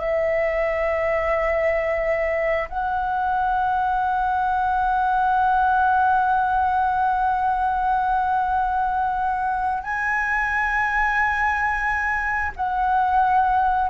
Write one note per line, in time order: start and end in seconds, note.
0.00 2.69 E5
2.69 9.83 F#5
9.83 12.52 G#5
12.57 13.90 F#5